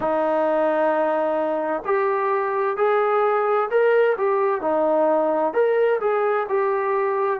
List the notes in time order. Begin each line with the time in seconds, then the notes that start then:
0.00 D#4
1.85 G4
2.77 G#4
3.70 A#4
4.17 G4
4.61 D#4
5.53 A#4
6.00 G#4
6.48 G4